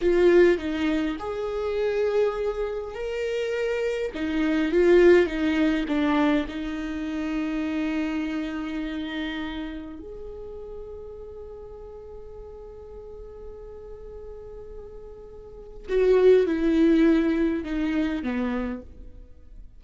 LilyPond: \new Staff \with { instrumentName = "viola" } { \time 4/4 \tempo 4 = 102 f'4 dis'4 gis'2~ | gis'4 ais'2 dis'4 | f'4 dis'4 d'4 dis'4~ | dis'1~ |
dis'4 gis'2.~ | gis'1~ | gis'2. fis'4 | e'2 dis'4 b4 | }